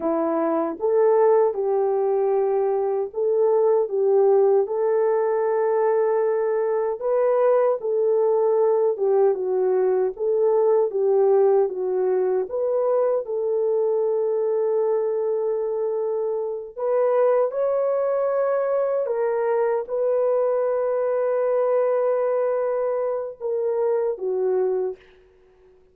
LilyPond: \new Staff \with { instrumentName = "horn" } { \time 4/4 \tempo 4 = 77 e'4 a'4 g'2 | a'4 g'4 a'2~ | a'4 b'4 a'4. g'8 | fis'4 a'4 g'4 fis'4 |
b'4 a'2.~ | a'4. b'4 cis''4.~ | cis''8 ais'4 b'2~ b'8~ | b'2 ais'4 fis'4 | }